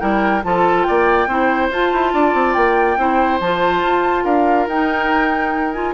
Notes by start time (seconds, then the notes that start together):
0.00 G3 E4 A#4 G5
0.44 F3 F4 A4 A5
0.83 D5 G5
0.90 A#3
1.27 C4 E4 C5
1.71 F4 A5
1.93 E4
2.13 D4 D5
2.34 C4
2.54 A#3 G5
2.97 C4 E4 C5
3.41 F3 F4 A5
3.83 F4
4.24 D4 A#4 F5
4.67 D#4 G5
5.73 F4 G#5